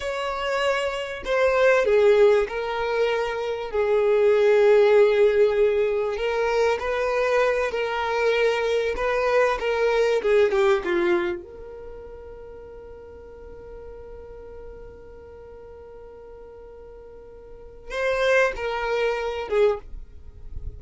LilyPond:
\new Staff \with { instrumentName = "violin" } { \time 4/4 \tempo 4 = 97 cis''2 c''4 gis'4 | ais'2 gis'2~ | gis'2 ais'4 b'4~ | b'8 ais'2 b'4 ais'8~ |
ais'8 gis'8 g'8 f'4 ais'4.~ | ais'1~ | ais'1~ | ais'4 c''4 ais'4. gis'8 | }